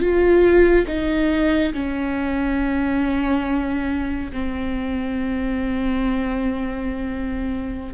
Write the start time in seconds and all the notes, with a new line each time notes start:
0.00 F4
0.87 D#4
1.74 C#4
4.32 C4